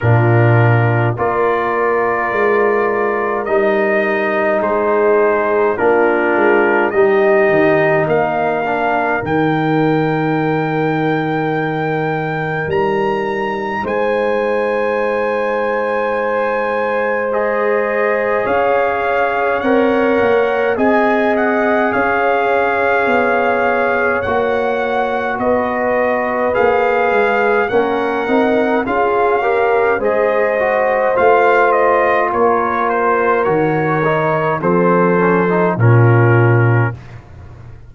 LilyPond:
<<
  \new Staff \with { instrumentName = "trumpet" } { \time 4/4 \tempo 4 = 52 ais'4 d''2 dis''4 | c''4 ais'4 dis''4 f''4 | g''2. ais''4 | gis''2. dis''4 |
f''4 fis''4 gis''8 fis''8 f''4~ | f''4 fis''4 dis''4 f''4 | fis''4 f''4 dis''4 f''8 dis''8 | cis''8 c''8 cis''4 c''4 ais'4 | }
  \new Staff \with { instrumentName = "horn" } { \time 4/4 f'4 ais'2. | gis'4 f'4 g'4 ais'4~ | ais'1 | c''1 |
cis''2 dis''4 cis''4~ | cis''2 b'2 | ais'4 gis'8 ais'8 c''2 | ais'2 a'4 f'4 | }
  \new Staff \with { instrumentName = "trombone" } { \time 4/4 d'4 f'2 dis'4~ | dis'4 d'4 dis'4. d'8 | dis'1~ | dis'2. gis'4~ |
gis'4 ais'4 gis'2~ | gis'4 fis'2 gis'4 | cis'8 dis'8 f'8 g'8 gis'8 fis'8 f'4~ | f'4 fis'8 dis'8 c'8 cis'16 dis'16 cis'4 | }
  \new Staff \with { instrumentName = "tuba" } { \time 4/4 ais,4 ais4 gis4 g4 | gis4 ais8 gis8 g8 dis8 ais4 | dis2. g4 | gis1 |
cis'4 c'8 ais8 c'4 cis'4 | b4 ais4 b4 ais8 gis8 | ais8 c'8 cis'4 gis4 a4 | ais4 dis4 f4 ais,4 | }
>>